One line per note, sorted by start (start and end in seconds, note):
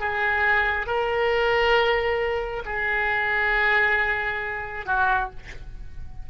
0.00 0.87 G#4
0.87 2.63 A#4
2.66 4.86 G#4
4.86 5.30 F#4